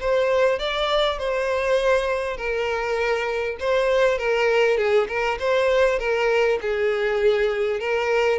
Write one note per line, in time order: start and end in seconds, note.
0.00 0.59 C5
0.59 1.19 D5
1.19 2.37 C5
2.37 3.57 A#4
3.60 4.18 C5
4.18 4.78 A#4
4.78 5.08 G#4
5.08 5.38 A#4
5.39 5.99 C5
5.99 6.59 A#4
6.61 7.80 G#4
7.80 8.39 A#4